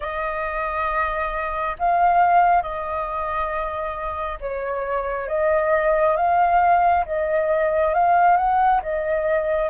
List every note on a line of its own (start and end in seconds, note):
0.00 1.76 D#5
1.78 2.62 F5
2.62 4.38 D#5
4.40 5.28 C#5
5.28 6.16 D#5
6.16 7.04 F5
7.05 7.94 D#5
7.94 8.36 F5
8.36 8.80 F#5
8.82 9.70 D#5